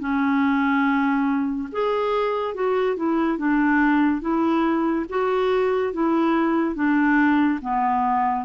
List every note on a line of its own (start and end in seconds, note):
0.00 1.69 C#4
1.72 2.55 G#4
2.55 2.97 F#4
2.97 3.38 E4
3.38 4.22 D4
4.22 5.06 E4
5.10 5.93 F#4
5.93 6.76 E4
6.76 7.60 D4
7.62 8.45 B3